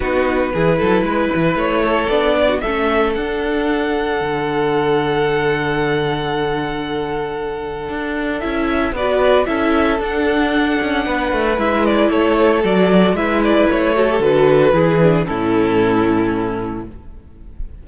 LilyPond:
<<
  \new Staff \with { instrumentName = "violin" } { \time 4/4 \tempo 4 = 114 b'2. cis''4 | d''4 e''4 fis''2~ | fis''1~ | fis''1 |
e''4 d''4 e''4 fis''4~ | fis''2 e''8 d''8 cis''4 | d''4 e''8 d''8 cis''4 b'4~ | b'4 a'2. | }
  \new Staff \with { instrumentName = "violin" } { \time 4/4 fis'4 gis'8 a'8 b'4. a'8~ | a'8 d''16 fis'16 a'2.~ | a'1~ | a'1~ |
a'4 b'4 a'2~ | a'4 b'2 a'4~ | a'4 b'4. a'4. | gis'4 e'2. | }
  \new Staff \with { instrumentName = "viola" } { \time 4/4 dis'4 e'2. | d'4 cis'4 d'2~ | d'1~ | d'1 |
e'4 fis'4 e'4 d'4~ | d'2 e'2 | fis'4 e'4. fis'16 g'16 fis'4 | e'8 d'8 cis'2. | }
  \new Staff \with { instrumentName = "cello" } { \time 4/4 b4 e8 fis8 gis8 e8 a4 | b4 a4 d'2 | d1~ | d2. d'4 |
cis'4 b4 cis'4 d'4~ | d'8 cis'8 b8 a8 gis4 a4 | fis4 gis4 a4 d4 | e4 a,2. | }
>>